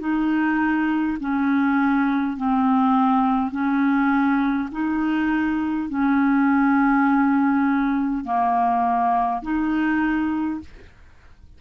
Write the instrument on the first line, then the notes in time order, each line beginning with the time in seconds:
clarinet
0.00 D#4
1.20 C#4
2.37 C4
3.52 C#4
4.72 D#4
5.89 C#4
8.25 A#3
9.43 D#4